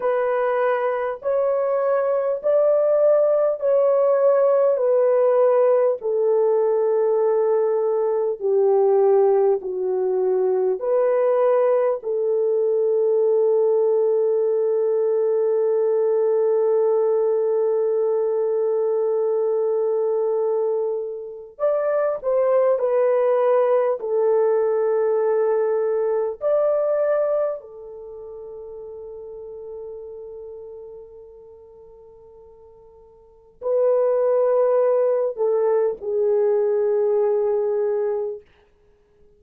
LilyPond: \new Staff \with { instrumentName = "horn" } { \time 4/4 \tempo 4 = 50 b'4 cis''4 d''4 cis''4 | b'4 a'2 g'4 | fis'4 b'4 a'2~ | a'1~ |
a'2 d''8 c''8 b'4 | a'2 d''4 a'4~ | a'1 | b'4. a'8 gis'2 | }